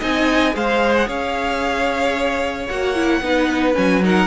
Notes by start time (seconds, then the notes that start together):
0.00 C4 D#4 D#5 G#5
0.53 G#3 G#4 C5 F5
0.96 F#5
1.08 C#4 C#5 F5
2.68 A#3 F#4 F#5
2.95 E4
3.21 B3 D#4 B4
3.75 F#3 C#4 G#5
4.04 D#4 A#4 F#5